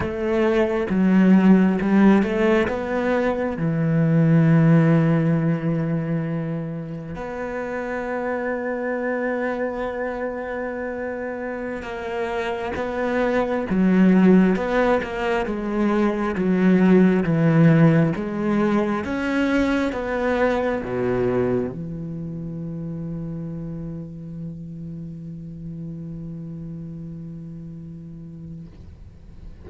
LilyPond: \new Staff \with { instrumentName = "cello" } { \time 4/4 \tempo 4 = 67 a4 fis4 g8 a8 b4 | e1 | b1~ | b4~ b16 ais4 b4 fis8.~ |
fis16 b8 ais8 gis4 fis4 e8.~ | e16 gis4 cis'4 b4 b,8.~ | b,16 e2.~ e8.~ | e1 | }